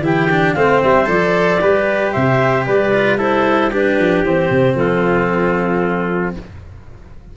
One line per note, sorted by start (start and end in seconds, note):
0.00 0.53 E3
0.00 0.29 E4
0.00 0.57 G4
0.00 0.53 G5
0.30 0.56 D4
0.53 0.82 A3
0.53 1.06 C4
0.53 1.61 C5
0.53 0.80 F5
0.83 1.07 G3
0.83 1.08 E5
1.06 1.60 F3
1.06 1.58 A4
1.06 2.12 D5
1.60 2.14 G3
1.60 2.92 G4
1.60 2.13 B4
2.12 2.67 C3
2.12 2.65 C5
2.12 2.64 E5
2.65 3.99 G3
2.65 3.18 B4
2.65 3.18 D5
2.93 3.18 F4
3.18 3.70 E4
3.18 3.70 A4
3.18 3.71 C5
3.70 4.25 D4
3.70 4.75 G4
3.70 4.24 B4
3.99 4.23 F3
4.23 4.49 E3
4.23 6.36 C4
4.23 4.76 C5
4.50 4.75 C3
4.75 6.32 F3
4.75 6.36 F4
4.75 6.34 A4